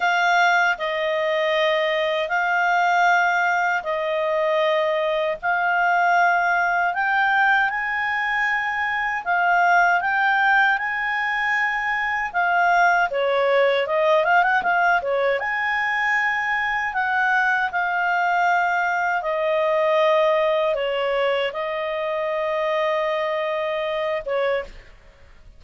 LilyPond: \new Staff \with { instrumentName = "clarinet" } { \time 4/4 \tempo 4 = 78 f''4 dis''2 f''4~ | f''4 dis''2 f''4~ | f''4 g''4 gis''2 | f''4 g''4 gis''2 |
f''4 cis''4 dis''8 f''16 fis''16 f''8 cis''8 | gis''2 fis''4 f''4~ | f''4 dis''2 cis''4 | dis''2.~ dis''8 cis''8 | }